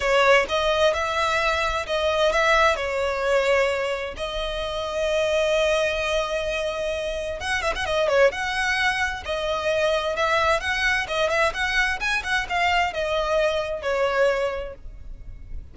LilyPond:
\new Staff \with { instrumentName = "violin" } { \time 4/4 \tempo 4 = 130 cis''4 dis''4 e''2 | dis''4 e''4 cis''2~ | cis''4 dis''2.~ | dis''1 |
fis''8 e''16 fis''16 dis''8 cis''8 fis''2 | dis''2 e''4 fis''4 | dis''8 e''8 fis''4 gis''8 fis''8 f''4 | dis''2 cis''2 | }